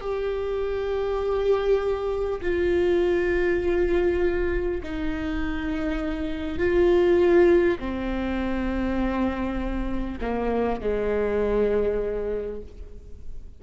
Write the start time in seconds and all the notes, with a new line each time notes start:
0.00 G4
2.41 F4
4.83 D#4
6.58 F4
7.79 C4
10.21 A#3
10.81 G#3